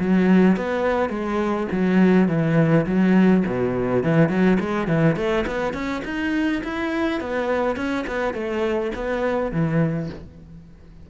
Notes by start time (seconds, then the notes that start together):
0.00 F#3
0.57 B3
1.10 G#3
1.72 F#3
2.29 E3
2.87 F#3
3.47 B2
4.04 E3
4.29 F#3
4.60 G#3
4.88 E3
5.17 A3
5.47 B3
5.74 C#4
6.05 D#4
6.65 E4
7.21 B3
7.77 C#4
8.08 B3
8.34 A3
8.95 B3
9.52 E3